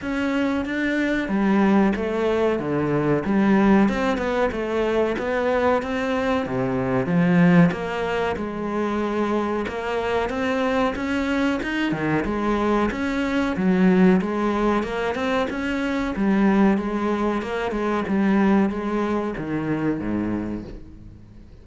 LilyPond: \new Staff \with { instrumentName = "cello" } { \time 4/4 \tempo 4 = 93 cis'4 d'4 g4 a4 | d4 g4 c'8 b8 a4 | b4 c'4 c4 f4 | ais4 gis2 ais4 |
c'4 cis'4 dis'8 dis8 gis4 | cis'4 fis4 gis4 ais8 c'8 | cis'4 g4 gis4 ais8 gis8 | g4 gis4 dis4 gis,4 | }